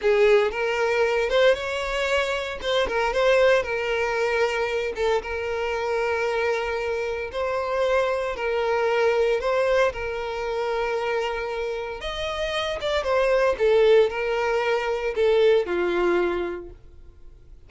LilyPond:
\new Staff \with { instrumentName = "violin" } { \time 4/4 \tempo 4 = 115 gis'4 ais'4. c''8 cis''4~ | cis''4 c''8 ais'8 c''4 ais'4~ | ais'4. a'8 ais'2~ | ais'2 c''2 |
ais'2 c''4 ais'4~ | ais'2. dis''4~ | dis''8 d''8 c''4 a'4 ais'4~ | ais'4 a'4 f'2 | }